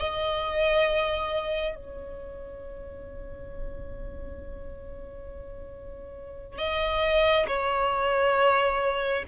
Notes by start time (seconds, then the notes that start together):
0.00 D#5
1.76 C#5
6.59 D#5
7.48 C#5